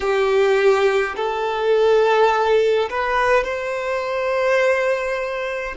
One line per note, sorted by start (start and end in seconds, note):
0.00 1.15 G4
1.15 2.88 A4
2.90 3.44 B4
3.44 5.74 C5